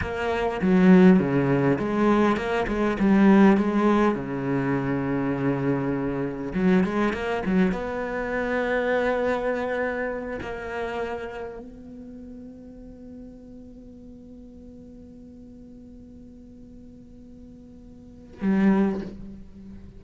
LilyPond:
\new Staff \with { instrumentName = "cello" } { \time 4/4 \tempo 4 = 101 ais4 fis4 cis4 gis4 | ais8 gis8 g4 gis4 cis4~ | cis2. fis8 gis8 | ais8 fis8 b2.~ |
b4. ais2 b8~ | b1~ | b1~ | b2. g4 | }